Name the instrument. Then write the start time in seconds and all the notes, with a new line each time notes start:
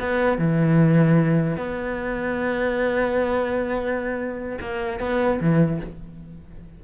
cello
0.00 B3
0.38 E3
1.57 B3
4.61 A#3
5.00 B3
5.40 E3